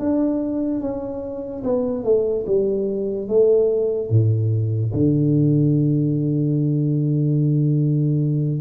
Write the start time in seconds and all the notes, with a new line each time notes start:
0.00 D4
0.81 C#4
1.64 B3
2.04 A3
2.47 G3
3.28 A3
4.10 A2
4.94 D3